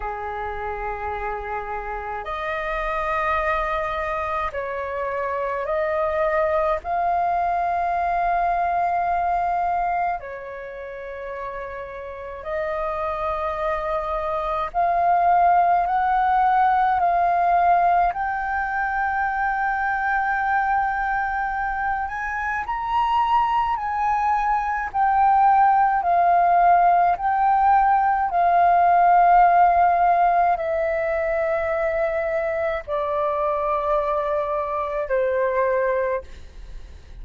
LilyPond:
\new Staff \with { instrumentName = "flute" } { \time 4/4 \tempo 4 = 53 gis'2 dis''2 | cis''4 dis''4 f''2~ | f''4 cis''2 dis''4~ | dis''4 f''4 fis''4 f''4 |
g''2.~ g''8 gis''8 | ais''4 gis''4 g''4 f''4 | g''4 f''2 e''4~ | e''4 d''2 c''4 | }